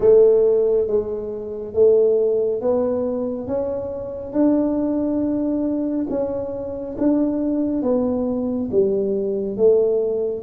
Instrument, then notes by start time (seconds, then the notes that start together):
tuba
0.00 A3
0.87 G#3
1.74 A3
2.61 B3
3.47 C#4
4.32 D4
6.09 C#4
6.98 D4
7.82 B3
8.71 G3
9.57 A3